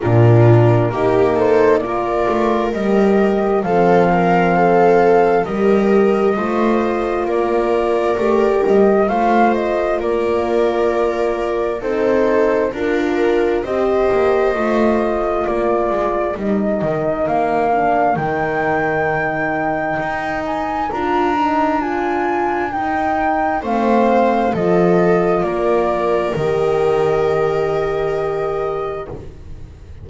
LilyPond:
<<
  \new Staff \with { instrumentName = "flute" } { \time 4/4 \tempo 4 = 66 ais'4. c''8 d''4 dis''4 | f''2 dis''2 | d''4. dis''8 f''8 dis''8 d''4~ | d''4 c''4 ais'4 dis''4~ |
dis''4 d''4 dis''4 f''4 | g''2~ g''8 gis''8 ais''4 | gis''4 g''4 f''4 dis''4 | d''4 dis''2. | }
  \new Staff \with { instrumentName = "viola" } { \time 4/4 f'4 g'8 a'8 ais'2 | a'8 ais'8 a'4 ais'4 c''4 | ais'2 c''4 ais'4~ | ais'4 a'4 ais'4 c''4~ |
c''4 ais'2.~ | ais'1~ | ais'2 c''4 a'4 | ais'1 | }
  \new Staff \with { instrumentName = "horn" } { \time 4/4 d'4 dis'4 f'4 g'4 | c'2 g'4 f'4~ | f'4 g'4 f'2~ | f'4 dis'4 f'4 g'4 |
f'2 dis'4. d'8 | dis'2. f'8 dis'8 | f'4 dis'4 c'4 f'4~ | f'4 g'2. | }
  \new Staff \with { instrumentName = "double bass" } { \time 4/4 ais,4 ais4. a8 g4 | f2 g4 a4 | ais4 a8 g8 a4 ais4~ | ais4 c'4 d'4 c'8 ais8 |
a4 ais8 gis8 g8 dis8 ais4 | dis2 dis'4 d'4~ | d'4 dis'4 a4 f4 | ais4 dis2. | }
>>